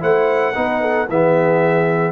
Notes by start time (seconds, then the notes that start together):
0.00 A3 E4 C5 F#5
0.54 B3 D#4 B4
0.81 A4
1.08 E3 B3 G#4 E5